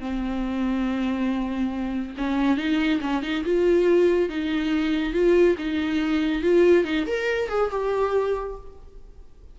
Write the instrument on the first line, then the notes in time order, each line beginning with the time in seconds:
viola
0.00 C4
2.18 C#4
2.57 D#4
3.01 C#4
3.23 D#4
3.45 F4
4.29 D#4
5.13 F4
5.58 D#4
6.43 F4
6.85 D#4
7.07 A#4
7.49 G#4
7.70 G4